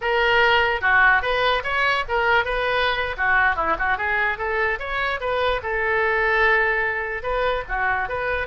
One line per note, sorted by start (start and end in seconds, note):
0.01 0.81 A#4
0.81 1.22 F#4
1.22 1.63 B4
1.63 2.04 C#5
2.08 2.44 A#4
2.44 3.16 B4
3.17 3.56 F#4
3.56 3.76 E4
3.78 3.97 F#4
3.97 4.38 G#4
4.38 4.78 A4
4.79 5.19 C#5
5.20 5.61 B4
5.62 7.22 A4
7.22 7.63 B4
7.68 8.08 F#4
8.08 8.47 B4